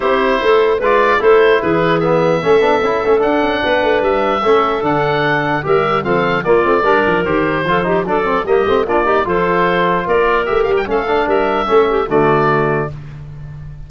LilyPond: <<
  \new Staff \with { instrumentName = "oboe" } { \time 4/4 \tempo 4 = 149 c''2 d''4 c''4 | b'4 e''2. | fis''2 e''2 | fis''2 e''4 f''4 |
d''2 c''2 | d''4 dis''4 d''4 c''4~ | c''4 d''4 e''8 f''16 g''16 f''4 | e''2 d''2 | }
  \new Staff \with { instrumentName = "clarinet" } { \time 4/4 g'4 a'4 b'4 a'4 | gis'2 a'2~ | a'4 b'2 a'4~ | a'2 ais'4 a'4 |
f'4 ais'2 a'8 g'8 | a'4 g'4 f'8 g'8 a'4~ | a'4 ais'2 a'4 | ais'4 a'8 g'8 fis'2 | }
  \new Staff \with { instrumentName = "trombone" } { \time 4/4 e'2 f'4 e'4~ | e'4 b4 cis'8 d'8 e'8 cis'8 | d'2. cis'4 | d'2 g'4 c'4 |
ais8 c'8 d'4 g'4 f'8 dis'8 | d'8 c'8 ais8 c'8 d'8 dis'8 f'4~ | f'2 g'4 cis'8 d'8~ | d'4 cis'4 a2 | }
  \new Staff \with { instrumentName = "tuba" } { \time 4/4 c'4 a4 gis4 a4 | e2 a8 b8 cis'8 a8 | d'8 cis'8 b8 a8 g4 a4 | d2 g4 f4 |
ais8 a8 g8 f8 dis4 f4 | fis4 g8 a8 ais4 f4~ | f4 ais4 a8 g8 a4 | g4 a4 d2 | }
>>